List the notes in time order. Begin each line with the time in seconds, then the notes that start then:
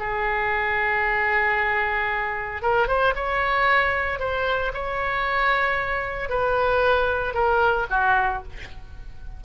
0.00 G#4
2.62 A#4
2.88 C5
3.16 C#5
4.20 C5
4.74 C#5
6.30 B4
7.34 A#4
7.91 F#4